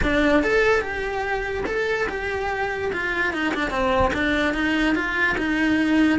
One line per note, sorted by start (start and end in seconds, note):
0.03 0.43 D4
0.43 0.81 A4
0.81 1.63 G4
1.66 2.07 A4
2.08 2.91 G4
2.92 3.33 F4
3.33 3.54 D#4
3.54 3.70 D4
3.70 4.11 C4
4.13 4.53 D4
4.53 4.95 D#4
4.95 5.36 F4
5.37 6.19 D#4